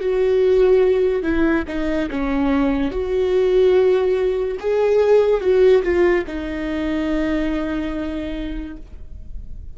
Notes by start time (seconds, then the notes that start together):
0.00 F#4
1.23 E4
1.67 D#4
2.11 C#4
2.91 F#4
4.59 G#4
5.41 F#4
5.83 F4
6.27 D#4